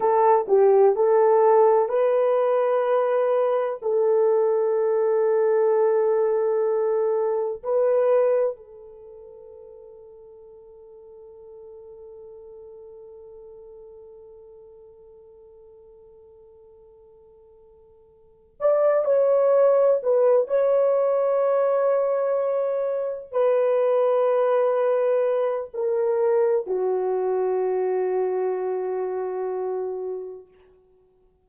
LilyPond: \new Staff \with { instrumentName = "horn" } { \time 4/4 \tempo 4 = 63 a'8 g'8 a'4 b'2 | a'1 | b'4 a'2.~ | a'1~ |
a'2.~ a'8 d''8 | cis''4 b'8 cis''2~ cis''8~ | cis''8 b'2~ b'8 ais'4 | fis'1 | }